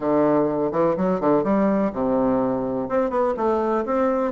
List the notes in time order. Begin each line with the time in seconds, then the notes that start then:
0.00 D3
0.71 E3
0.96 F#3
1.20 D3
1.43 G3
1.92 C3
2.88 C4
3.10 B3
3.36 A3
3.85 C4